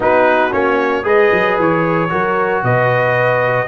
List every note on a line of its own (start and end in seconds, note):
0.00 0.52 B3
0.00 0.50 D#4
0.00 1.04 F#4
0.00 0.53 B4
0.50 1.04 A#3
0.50 1.03 C#4
0.50 1.05 C#5
1.03 1.30 G#3
1.03 2.08 G#4
1.03 2.09 B4
1.03 1.58 D#5
1.32 1.58 F#3
1.58 2.11 E3
1.58 2.64 C#5
2.09 2.63 F#3
2.09 3.67 F#4
2.09 2.63 A#4
2.63 3.67 B2
2.63 3.67 B4
2.63 3.67 D#5